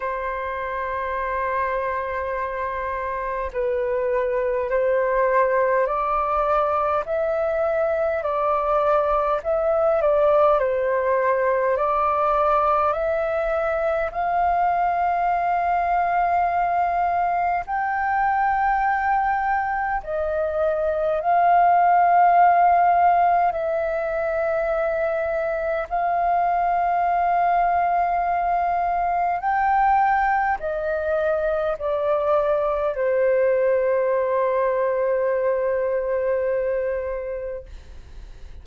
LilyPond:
\new Staff \with { instrumentName = "flute" } { \time 4/4 \tempo 4 = 51 c''2. b'4 | c''4 d''4 e''4 d''4 | e''8 d''8 c''4 d''4 e''4 | f''2. g''4~ |
g''4 dis''4 f''2 | e''2 f''2~ | f''4 g''4 dis''4 d''4 | c''1 | }